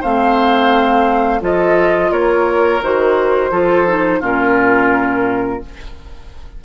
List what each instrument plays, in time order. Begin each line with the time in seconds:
0.00 bassoon A3, clarinet C4, oboe C5, flute F5
1.40 bassoon F3, clarinet F4, oboe A4, flute D#5
2.11 bassoon A#3, oboe A#4, flute C#5
2.82 bassoon D#3, clarinet F#4, flute C5
3.51 bassoon F3, clarinet F4, oboe A4
3.87 clarinet D#4
4.19 bassoon A#2, clarinet C#4, oboe F4, flute A#4